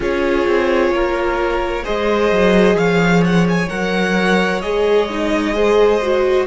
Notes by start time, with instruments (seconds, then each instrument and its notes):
0.00 cello C#4, viola F4, violin G#4 C#5
0.47 cello C4
0.90 cello A#3, violin A#4
1.83 cello G#3, viola G#4, violin C5 D#5
2.31 cello F#3
2.74 cello F3, violin C#5 F5
3.23 violin F#5
3.49 violin G#5
3.68 cello F#3, viola A#4, violin F#5
4.61 cello G#3, viola G#4, violin D#5
5.09 viola D#4
5.53 viola G#4, violin C5
6.02 viola F#4